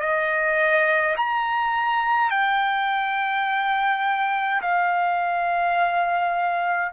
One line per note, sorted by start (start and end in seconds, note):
0.00 1.15 D#5
1.17 2.30 A#5
2.30 4.61 G5
4.62 6.92 F5